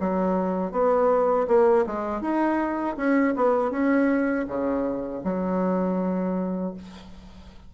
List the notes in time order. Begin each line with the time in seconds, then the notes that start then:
0.00 F#3
0.72 B3
1.48 A#3
1.86 G#3
2.22 D#4
2.97 C#4
3.36 B3
3.71 C#4
4.48 C#3
5.24 F#3